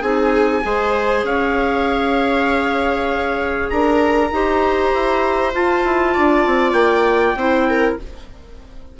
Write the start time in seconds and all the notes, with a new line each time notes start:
0.00 C4 D#4 G#4 G#5
0.62 G#3 G#4 C5
1.23 C#4 C#5 F5
3.70 D4 A#4 A#5
4.31 D#4 G4 C5
4.93 E4
5.54 F4 A5
5.84 E4
6.14 D4 D5
6.46 C4
6.72 A#3 G5
7.35 C4 E4 C5
7.69 A#4